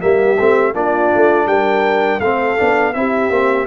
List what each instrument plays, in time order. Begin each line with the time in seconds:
0.00 tuba G3, trombone A#3, horn G4, trumpet E5
0.38 tuba A3, trombone C4
0.74 tuba A#3, trombone D4, horn F4, trumpet D5
1.14 tuba A3
1.46 tuba G3, horn A#4, trumpet G5
2.20 tuba A3, trombone C4, horn A4, trumpet F5
2.57 tuba B3, trombone D4
2.93 tuba C4, trombone E4, horn G4, trumpet E5
3.30 tuba A#3, trombone C4